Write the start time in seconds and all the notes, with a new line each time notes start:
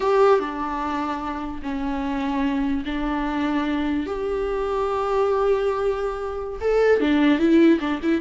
0.00 G4
0.39 D4
1.62 C#4
2.85 D4
4.06 G4
6.60 A4
7.00 D4
7.38 E4
7.80 D4
8.02 E4